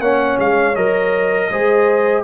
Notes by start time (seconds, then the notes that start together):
0.00 A#3 C#4 C#5 F#5
0.39 G#3 F5
0.76 F#3 A#4 D#5
1.50 G#3 G#4 C5